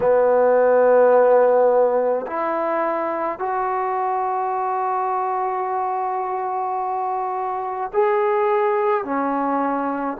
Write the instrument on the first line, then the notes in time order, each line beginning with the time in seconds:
trombone
0.00 B3
2.26 E4
3.38 F#4
7.92 G#4
9.04 C#4